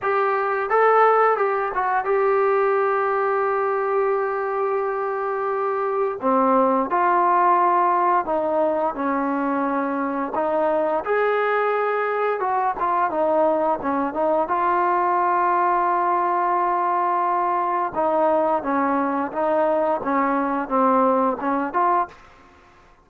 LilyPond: \new Staff \with { instrumentName = "trombone" } { \time 4/4 \tempo 4 = 87 g'4 a'4 g'8 fis'8 g'4~ | g'1~ | g'4 c'4 f'2 | dis'4 cis'2 dis'4 |
gis'2 fis'8 f'8 dis'4 | cis'8 dis'8 f'2.~ | f'2 dis'4 cis'4 | dis'4 cis'4 c'4 cis'8 f'8 | }